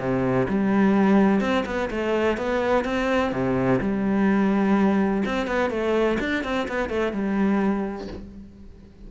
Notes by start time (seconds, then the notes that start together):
0.00 C3
0.49 G3
1.41 C4
1.66 B3
1.91 A3
2.38 B3
2.85 C4
3.33 C3
3.82 G3
5.26 C4
5.48 B3
5.71 A3
6.21 D4
6.44 C4
6.69 B3
6.90 A3
7.13 G3